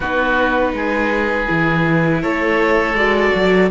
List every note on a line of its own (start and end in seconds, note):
0.00 0.73 B3
0.00 1.46 D#4
0.00 0.72 F#4
0.00 2.22 B4
0.73 1.47 G#3
0.73 2.22 G#4
1.46 2.23 E3
1.46 2.94 E4
2.22 2.93 A3
2.22 3.70 A4
2.22 2.95 C#5
2.93 3.30 G#3
2.93 3.69 F#4
2.93 3.69 D5
3.34 3.70 F#3